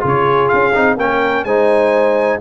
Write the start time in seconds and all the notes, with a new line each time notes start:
0.00 C#3 F4 G#4
0.07 C#5
0.48 C#4 F5
0.74 C4 D#4
0.97 A#3 C#4 A#4 G5
1.44 G#3 D#4 C5 G#5